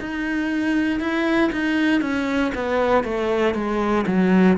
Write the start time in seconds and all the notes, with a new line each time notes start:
0.00 D#4
1.00 E4
1.52 D#4
2.01 C#4
2.55 B3
3.04 A3
3.55 G#3
4.07 F#3